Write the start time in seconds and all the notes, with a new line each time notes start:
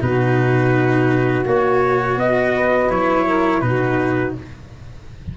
0.00 B2 D#4 F#4 B4
1.45 A#3 F#4 C#5
2.17 B3 D#5
2.54 B4
2.89 F#3 E4 C#5
3.26 A#4
3.61 B2 D#4 F#4 B4